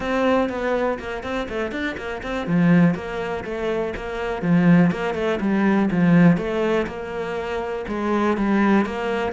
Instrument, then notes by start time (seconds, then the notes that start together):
cello
0.00 C4
0.49 B3
0.99 A#3
1.23 C4
1.48 A3
1.71 D4
1.97 A#3
2.22 C4
2.47 F3
2.95 A#3
3.44 A3
3.96 A#3
4.42 F3
4.91 A#3
5.14 A3
5.40 G3
5.91 F3
6.37 A3
6.86 A#3
7.88 G#3
8.37 G3
8.85 A#3